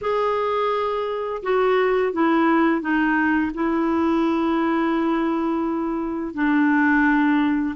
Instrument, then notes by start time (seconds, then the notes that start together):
clarinet
0.01 G#4
1.42 F#4
2.12 E4
2.81 D#4
3.54 E4
6.33 D4